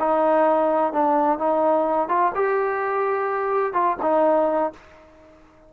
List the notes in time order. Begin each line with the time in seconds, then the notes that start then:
0.00 D#4
0.93 D4
1.39 D#4
2.09 F4
2.35 G4
3.73 F4
4.02 D#4